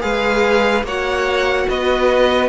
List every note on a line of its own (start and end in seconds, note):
0.00 0.83 G#3
0.00 0.82 G#4
0.00 0.85 B4
0.00 0.84 F5
0.83 1.66 A#3
0.83 2.48 F#4
0.83 1.67 C#5
0.83 1.69 F#5
1.69 2.48 B3
1.69 2.48 B4
1.69 2.48 D#5